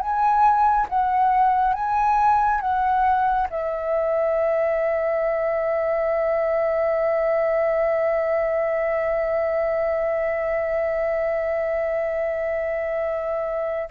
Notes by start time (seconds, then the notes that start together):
0.00 G#5
0.89 F#5
1.74 G#5
2.61 F#5
3.50 E5